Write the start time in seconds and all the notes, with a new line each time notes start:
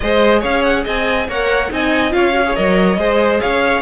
0.00 G#3 G#4 C5 D#5
0.39 C#4 C#5 F5
0.63 F#5
0.84 C4 D#5 G#5
1.28 A#3 A#4 C#5 F#5
1.69 C4 D#4 D#5 G#5
2.10 C#4 F4 C#5 F5
2.32 F#4
2.45 G#4
2.55 F#3 A#4 D#5
2.97 G#3 G#4 C5
3.40 C#4 C#5 F5